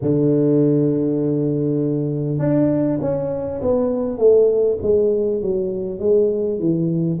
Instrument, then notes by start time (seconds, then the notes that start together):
tuba
0.01 D3
2.38 D4
3.01 C#4
3.61 B3
4.18 A3
4.82 G#3
5.41 F#3
5.99 G#3
6.59 E3